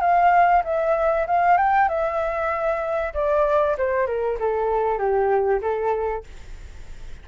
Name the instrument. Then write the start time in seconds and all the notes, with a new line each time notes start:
flute
0.00 F5
0.64 E5
1.26 F5
1.57 G5
1.88 E5
3.14 D5
3.78 C5
4.06 A#4
4.39 A4
4.98 G4
5.61 A4